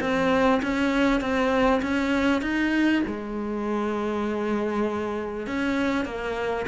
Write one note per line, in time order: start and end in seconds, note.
0.00 0.61 C4
0.62 1.20 C#4
1.20 1.81 C4
1.82 2.41 C#4
2.41 3.02 D#4
3.06 5.47 G#3
5.47 6.05 C#4
6.05 6.66 A#3